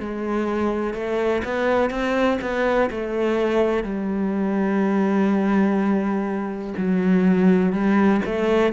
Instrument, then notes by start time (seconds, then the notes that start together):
cello
0.00 G#3
0.94 A3
1.44 B3
1.90 C4
2.41 B3
2.91 A3
3.84 G3
6.77 F#3
7.73 G3
8.25 A3